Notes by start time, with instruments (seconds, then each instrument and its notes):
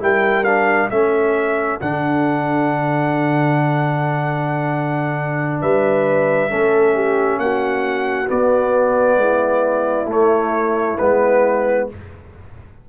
0.00 tuba G3, trombone E4, horn A#4, trumpet G5
0.44 trombone D4, trumpet F5
0.90 tuba A3, trombone C#4, horn A4, trumpet E5
1.81 tuba D3, trombone D4, trumpet F#5
5.61 tuba G3, horn B4, trumpet E5
6.49 tuba A3, trombone C#4, horn A4
6.95 horn G4
7.38 tuba A#3, horn F#4, trumpet F#5
8.27 trombone B3, tuba B3, trumpet D5
9.18 tuba G#3, horn E4
10.05 tuba A3, trombone A3
10.12 trumpet C#5
10.98 tuba G#3, trombone B3, trumpet B4